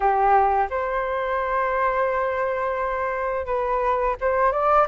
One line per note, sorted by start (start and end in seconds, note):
0.00 0.68 G4
0.69 3.46 C5
3.46 4.15 B4
4.21 4.52 C5
4.52 4.87 D5